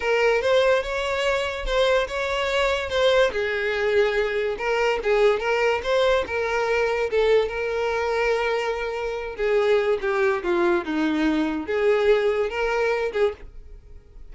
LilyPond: \new Staff \with { instrumentName = "violin" } { \time 4/4 \tempo 4 = 144 ais'4 c''4 cis''2 | c''4 cis''2 c''4 | gis'2. ais'4 | gis'4 ais'4 c''4 ais'4~ |
ais'4 a'4 ais'2~ | ais'2~ ais'8 gis'4. | g'4 f'4 dis'2 | gis'2 ais'4. gis'8 | }